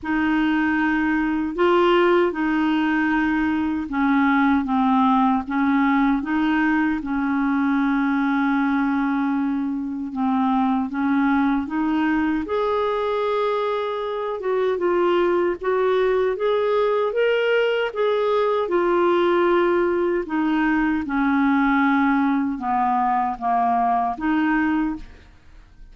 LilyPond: \new Staff \with { instrumentName = "clarinet" } { \time 4/4 \tempo 4 = 77 dis'2 f'4 dis'4~ | dis'4 cis'4 c'4 cis'4 | dis'4 cis'2.~ | cis'4 c'4 cis'4 dis'4 |
gis'2~ gis'8 fis'8 f'4 | fis'4 gis'4 ais'4 gis'4 | f'2 dis'4 cis'4~ | cis'4 b4 ais4 dis'4 | }